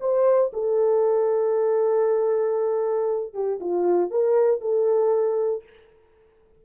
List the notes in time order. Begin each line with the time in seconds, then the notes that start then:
0.00 C5
0.53 A4
3.33 G4
3.60 F4
4.10 A#4
4.61 A4